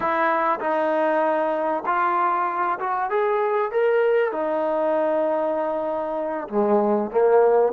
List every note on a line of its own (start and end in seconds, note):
0.00 0.59 E4
0.59 1.83 D#4
1.86 2.78 F4
2.79 3.10 F#4
3.10 3.71 G#4
3.71 4.32 A#4
4.32 6.48 D#4
6.49 7.10 G#3
7.10 7.72 A#3